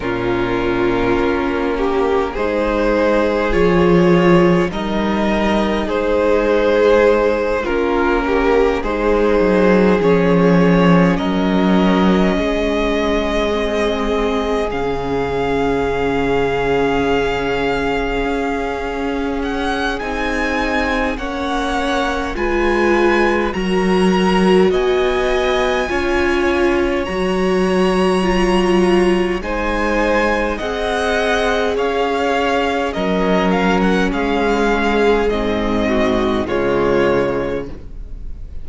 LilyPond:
<<
  \new Staff \with { instrumentName = "violin" } { \time 4/4 \tempo 4 = 51 ais'2 c''4 cis''4 | dis''4 c''4. ais'4 c''8~ | c''8 cis''4 dis''2~ dis''8~ | dis''8 f''2.~ f''8~ |
f''8 fis''8 gis''4 fis''4 gis''4 | ais''4 gis''2 ais''4~ | ais''4 gis''4 fis''4 f''4 | dis''8 f''16 fis''16 f''4 dis''4 cis''4 | }
  \new Staff \with { instrumentName = "violin" } { \time 4/4 f'4. g'8 gis'2 | ais'4 gis'4. f'8 g'8 gis'8~ | gis'4. ais'4 gis'4.~ | gis'1~ |
gis'2 cis''4 b'4 | ais'4 dis''4 cis''2~ | cis''4 c''4 dis''4 cis''4 | ais'4 gis'4. fis'8 f'4 | }
  \new Staff \with { instrumentName = "viola" } { \time 4/4 cis'2 dis'4 f'4 | dis'2~ dis'8 cis'4 dis'8~ | dis'8 cis'2. c'8~ | c'8 cis'2.~ cis'8~ |
cis'4 dis'4 cis'4 f'4 | fis'2 f'4 fis'4 | f'4 dis'4 gis'2 | cis'2 c'4 gis4 | }
  \new Staff \with { instrumentName = "cello" } { \time 4/4 ais,4 ais4 gis4 f4 | g4 gis4. ais4 gis8 | fis8 f4 fis4 gis4.~ | gis8 cis2. cis'8~ |
cis'4 c'4 ais4 gis4 | fis4 b4 cis'4 fis4~ | fis4 gis4 c'4 cis'4 | fis4 gis4 gis,4 cis4 | }
>>